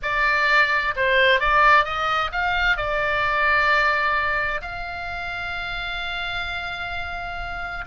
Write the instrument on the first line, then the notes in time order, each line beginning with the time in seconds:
oboe
0.02 D5
0.96 C5
1.40 D5
1.84 D#5
2.31 F5
2.76 D5
4.61 F5